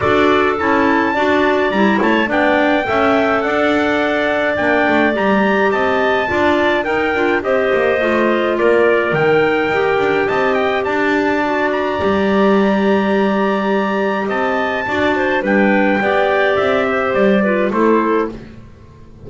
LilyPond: <<
  \new Staff \with { instrumentName = "trumpet" } { \time 4/4 \tempo 4 = 105 d''4 a''2 ais''8 a''8 | g''2 fis''2 | g''4 ais''4 a''2 | g''4 dis''2 d''4 |
g''2 a''8 g''8 a''4~ | a''8 ais''2.~ ais''8~ | ais''4 a''2 g''4~ | g''4 e''4 d''4 c''4 | }
  \new Staff \with { instrumentName = "clarinet" } { \time 4/4 a'2 d''4. cis''8 | d''4 e''4 d''2~ | d''2 dis''4 d''4 | ais'4 c''2 ais'4~ |
ais'2 dis''4 d''4~ | d''1~ | d''4 dis''4 d''8 c''8 b'4 | d''4. c''4 b'8 a'4 | }
  \new Staff \with { instrumentName = "clarinet" } { \time 4/4 fis'4 e'4 fis'4 e'4 | d'4 a'2. | d'4 g'2 f'4 | dis'8 f'8 g'4 f'2 |
dis'4 g'2. | fis'4 g'2.~ | g'2 fis'4 d'4 | g'2~ g'8 f'8 e'4 | }
  \new Staff \with { instrumentName = "double bass" } { \time 4/4 d'4 cis'4 d'4 g8 a8 | b4 cis'4 d'2 | ais8 a8 g4 c'4 d'4 | dis'8 d'8 c'8 ais8 a4 ais4 |
dis4 dis'8 d'8 c'4 d'4~ | d'4 g2.~ | g4 c'4 d'4 g4 | b4 c'4 g4 a4 | }
>>